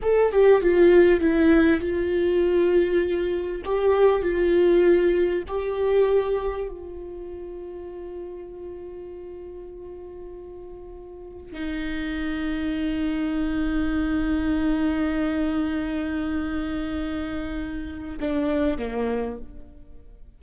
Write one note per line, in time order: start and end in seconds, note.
0.02 0.31 A4
0.31 0.61 G4
0.61 1.20 F4
1.20 1.80 E4
1.80 3.62 F4
3.64 4.22 G4
4.22 5.43 F4
5.47 6.68 G4
6.68 11.52 F4
11.52 18.19 D#4
18.20 18.78 D4
18.78 19.38 A#3